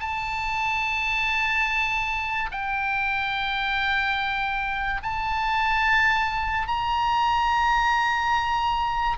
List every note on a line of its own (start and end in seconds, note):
0.00 2.50 A5
2.52 5.02 G5
5.03 6.68 A5
6.68 9.18 A#5